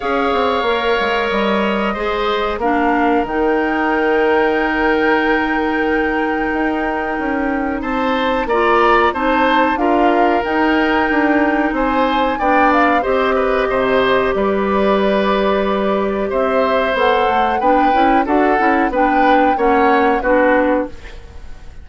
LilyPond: <<
  \new Staff \with { instrumentName = "flute" } { \time 4/4 \tempo 4 = 92 f''2 dis''2 | f''4 g''2.~ | g''1 | a''4 ais''4 a''4 f''4 |
g''2 gis''4 g''8 f''8 | dis''2 d''2~ | d''4 e''4 fis''4 g''4 | fis''4 g''4 fis''4 b'4 | }
  \new Staff \with { instrumentName = "oboe" } { \time 4/4 cis''2. c''4 | ais'1~ | ais'1 | c''4 d''4 c''4 ais'4~ |
ais'2 c''4 d''4 | c''8 b'8 c''4 b'2~ | b'4 c''2 b'4 | a'4 b'4 cis''4 fis'4 | }
  \new Staff \with { instrumentName = "clarinet" } { \time 4/4 gis'4 ais'2 gis'4 | d'4 dis'2.~ | dis'1~ | dis'4 f'4 dis'4 f'4 |
dis'2. d'4 | g'1~ | g'2 a'4 d'8 e'8 | fis'8 e'8 d'4 cis'4 d'4 | }
  \new Staff \with { instrumentName = "bassoon" } { \time 4/4 cis'8 c'8 ais8 gis8 g4 gis4 | ais4 dis2.~ | dis2 dis'4 cis'4 | c'4 ais4 c'4 d'4 |
dis'4 d'4 c'4 b4 | c'4 c4 g2~ | g4 c'4 b8 a8 b8 cis'8 | d'8 cis'8 b4 ais4 b4 | }
>>